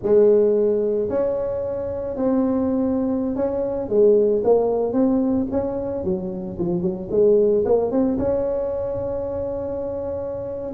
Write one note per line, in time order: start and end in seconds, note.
0.02 1.09 G#3
1.09 2.16 C#4
2.16 3.35 C4
3.35 3.88 C#4
3.88 4.42 G#3
4.43 4.93 A#3
4.93 5.46 C4
5.51 6.04 C#4
6.04 6.57 F#3
6.58 6.81 F3
6.81 7.08 F#3
7.10 7.64 G#3
7.65 7.91 A#3
7.91 8.17 C4
8.18 10.73 C#4